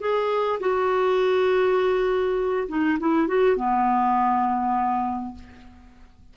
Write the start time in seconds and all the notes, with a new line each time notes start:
0.00 G#4
0.60 F#4
2.68 D#4
2.99 E4
3.28 F#4
3.56 B3